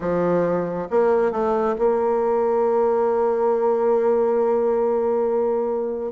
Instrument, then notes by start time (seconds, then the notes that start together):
bassoon
0.00 F3
0.90 A#3
1.31 A3
1.78 A#3